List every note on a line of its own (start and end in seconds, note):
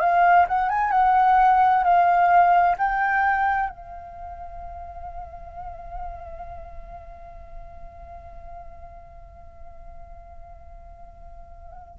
0.00 0.46 F5
0.48 0.69 F#5
0.69 0.91 G#5
0.91 1.83 F#5
1.84 2.76 F5
2.78 3.70 G5
3.70 11.99 F5